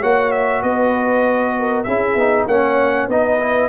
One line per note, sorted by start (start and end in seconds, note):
0.00 0.63 A#3
0.00 1.86 F#4
0.00 0.61 C#5
0.00 0.32 F#5
0.32 0.62 E5
0.63 1.85 B3
0.63 1.54 B4
0.63 1.83 D#5
1.59 1.86 A#4
1.83 2.15 C#4
1.83 2.18 E4
1.83 2.47 G#4
1.83 2.45 E5
2.15 2.46 B3
2.15 2.49 D#4
2.47 3.08 A#3
2.47 3.10 C#4
2.47 3.08 C#5
2.47 3.09 F#5
3.08 3.69 B3
3.08 3.39 D#4
3.08 3.69 B4
3.08 3.69 D#5
3.39 3.69 E4